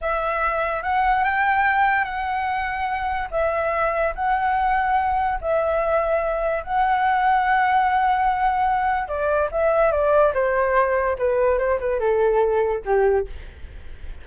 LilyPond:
\new Staff \with { instrumentName = "flute" } { \time 4/4 \tempo 4 = 145 e''2 fis''4 g''4~ | g''4 fis''2. | e''2 fis''2~ | fis''4 e''2. |
fis''1~ | fis''2 d''4 e''4 | d''4 c''2 b'4 | c''8 b'8 a'2 g'4 | }